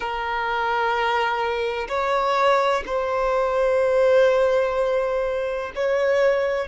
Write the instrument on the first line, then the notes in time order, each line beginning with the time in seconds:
violin
0.00 A#4
1.88 C#5
2.86 C5
5.74 C#5